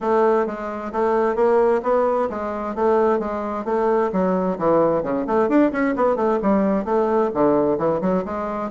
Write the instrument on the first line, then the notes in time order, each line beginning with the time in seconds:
bassoon
0.00 A3
0.46 G#3
0.92 A3
1.35 A#3
1.83 B3
2.29 G#3
2.75 A3
3.19 G#3
3.64 A3
4.12 F#3
4.58 E3
5.03 C#3
5.27 A3
5.48 D4
5.71 C#4
5.95 B3
6.16 A3
6.42 G3
6.84 A3
7.33 D3
7.78 E3
8.01 F#3
8.25 G#3